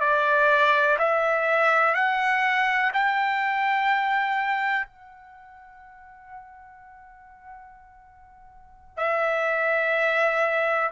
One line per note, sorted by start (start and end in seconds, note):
0.00 0.97 D5
0.99 1.95 E5
1.95 2.92 F#5
2.93 4.87 G5
4.87 8.97 F#5
8.97 10.90 E5